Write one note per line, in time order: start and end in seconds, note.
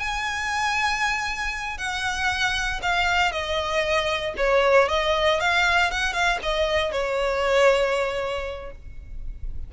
0.00 1.79 G#5
1.79 2.81 F#5
2.83 3.32 F5
3.32 4.35 D#5
4.38 4.89 C#5
4.89 5.41 D#5
5.41 5.92 F5
5.92 6.13 F#5
6.13 6.39 F5
6.43 6.92 D#5
6.92 8.72 C#5